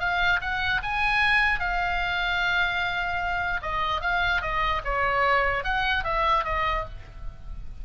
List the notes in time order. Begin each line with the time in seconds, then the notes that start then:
0.00 F5
0.41 F#5
0.83 G#5
1.60 F5
3.62 D#5
4.02 F5
4.42 D#5
4.85 C#5
5.64 F#5
6.05 E5
6.45 D#5